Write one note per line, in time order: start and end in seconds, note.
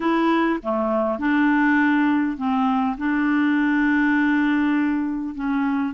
0.00 0.59 E4
0.62 1.19 A3
1.19 2.37 D4
2.37 2.96 C4
2.97 5.34 D4
5.34 5.94 C#4